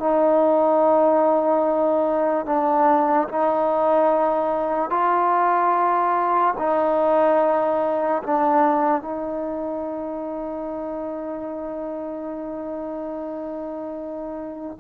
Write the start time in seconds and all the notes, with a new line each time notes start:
0.00 D#4
2.46 D4
3.29 D#4
4.91 F4
6.58 D#4
8.23 D4
9.02 D#4